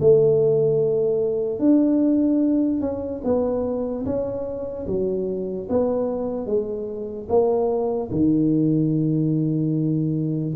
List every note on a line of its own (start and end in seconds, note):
0.00 1.59 A3
1.59 2.80 D4
2.80 3.21 C#4
3.24 4.05 B3
4.05 4.86 C#4
4.87 5.68 F#3
5.69 6.46 B3
6.46 7.27 G#3
7.29 8.10 A#3
8.11 10.54 D#3